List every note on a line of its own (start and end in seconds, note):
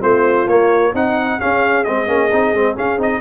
0.00 0.47 A3
0.00 0.46 C4
0.00 0.92 F4
0.00 0.48 C5
0.47 0.93 A#3
0.47 0.94 A#3
0.47 0.94 C#5
0.93 1.39 C4
0.93 1.39 D#4
0.93 1.40 D#4
0.93 1.40 F#5
1.39 1.85 C#4
1.39 1.86 C#4
1.39 3.21 G#4
1.39 1.84 F5
1.84 2.08 G#3
1.84 2.07 C4
1.84 2.75 D#5
2.07 2.31 A#3
2.07 2.30 C#4
2.32 2.53 C4
2.32 2.55 D#4
2.53 2.76 G#3
2.53 2.76 C4
2.76 2.98 C#4
2.76 2.97 C#4
2.76 3.01 F5
2.97 3.20 C4
2.97 3.21 D#4
2.97 3.21 D#5